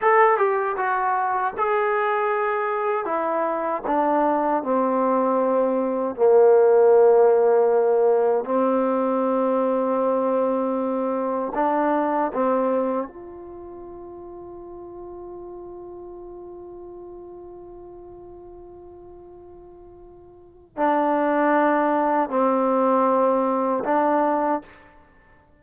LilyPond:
\new Staff \with { instrumentName = "trombone" } { \time 4/4 \tempo 4 = 78 a'8 g'8 fis'4 gis'2 | e'4 d'4 c'2 | ais2. c'4~ | c'2. d'4 |
c'4 f'2.~ | f'1~ | f'2. d'4~ | d'4 c'2 d'4 | }